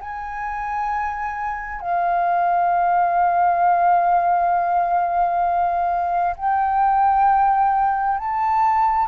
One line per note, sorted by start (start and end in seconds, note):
0.00 1.81 G#5
1.81 6.35 F5
6.36 8.18 G5
8.18 9.07 A5